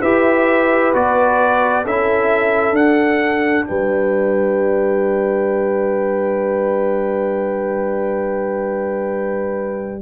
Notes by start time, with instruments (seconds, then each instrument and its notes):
0.00 tuba E4, trombone G4, horn B4, trumpet E5
0.93 tuba B3, trombone F#4, trumpet D5
1.84 tuba C#4, trombone E4, horn A4, trumpet E5
2.71 tuba D4, trombone D4, trumpet F#5
3.65 tuba G3, horn B4, trumpet G5